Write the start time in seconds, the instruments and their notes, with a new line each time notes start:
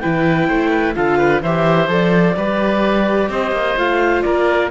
0.00 cello E3, viola E4, oboe B4, clarinet G5
0.48 cello A3, oboe C5
0.70 oboe B4
0.95 cello D3, viola F4, oboe A4, clarinet F5
1.18 oboe B4
1.42 cello E3, viola G4, oboe C5, clarinet E5
1.88 cello F3, viola A4, clarinet D5
2.37 cello G3, viola G4, oboe B4
3.30 cello C4, oboe C5, clarinet D#5
3.52 cello A#3
3.77 cello A3, viola F4, clarinet F5
4.22 cello A#3, oboe A#4, clarinet D5